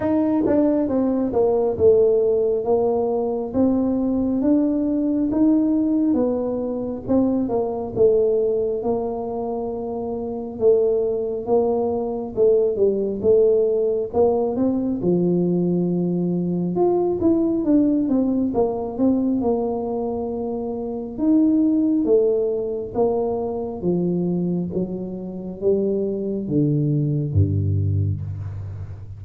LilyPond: \new Staff \with { instrumentName = "tuba" } { \time 4/4 \tempo 4 = 68 dis'8 d'8 c'8 ais8 a4 ais4 | c'4 d'4 dis'4 b4 | c'8 ais8 a4 ais2 | a4 ais4 a8 g8 a4 |
ais8 c'8 f2 f'8 e'8 | d'8 c'8 ais8 c'8 ais2 | dis'4 a4 ais4 f4 | fis4 g4 d4 g,4 | }